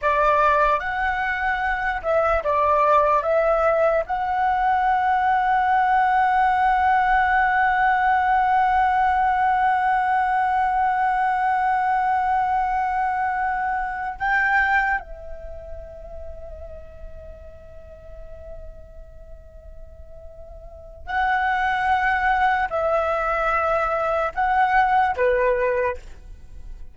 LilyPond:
\new Staff \with { instrumentName = "flute" } { \time 4/4 \tempo 4 = 74 d''4 fis''4. e''8 d''4 | e''4 fis''2.~ | fis''1~ | fis''1~ |
fis''4. g''4 e''4.~ | e''1~ | e''2 fis''2 | e''2 fis''4 b'4 | }